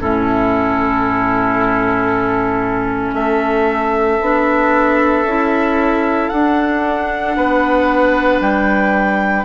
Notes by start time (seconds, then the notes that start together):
0.00 A2 C#4 E4 A4
3.13 A3 A4 E5
4.21 B3 D4
5.24 C#4 E4
6.29 D4 F#5
7.36 B3 B4
8.40 G3 G5